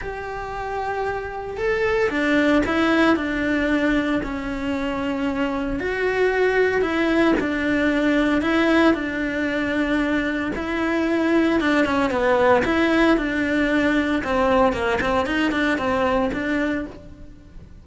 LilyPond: \new Staff \with { instrumentName = "cello" } { \time 4/4 \tempo 4 = 114 g'2. a'4 | d'4 e'4 d'2 | cis'2. fis'4~ | fis'4 e'4 d'2 |
e'4 d'2. | e'2 d'8 cis'8 b4 | e'4 d'2 c'4 | ais8 c'8 dis'8 d'8 c'4 d'4 | }